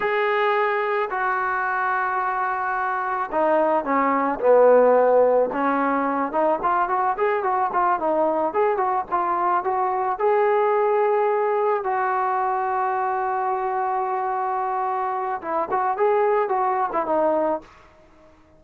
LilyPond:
\new Staff \with { instrumentName = "trombone" } { \time 4/4 \tempo 4 = 109 gis'2 fis'2~ | fis'2 dis'4 cis'4 | b2 cis'4. dis'8 | f'8 fis'8 gis'8 fis'8 f'8 dis'4 gis'8 |
fis'8 f'4 fis'4 gis'4.~ | gis'4. fis'2~ fis'8~ | fis'1 | e'8 fis'8 gis'4 fis'8. e'16 dis'4 | }